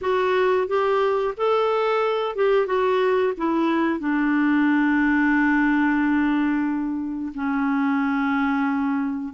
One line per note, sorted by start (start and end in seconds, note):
0.01 0.67 F#4
0.67 1.34 G4
1.37 2.35 A4
2.35 2.66 G4
2.66 3.33 F#4
3.37 3.99 E4
3.99 7.32 D4
7.34 9.33 C#4